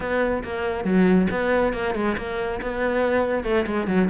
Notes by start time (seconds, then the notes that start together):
0.00 B3
0.43 A#3
0.84 F#3
1.30 B3
1.73 A#3
1.94 G#3
2.17 A#3
2.61 B3
3.44 A3
3.66 G#3
3.87 F#3